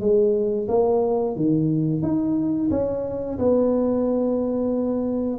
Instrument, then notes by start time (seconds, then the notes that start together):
tuba
0.00 G#3
0.68 A#3
1.36 D#3
2.02 D#4
2.71 C#4
3.38 B3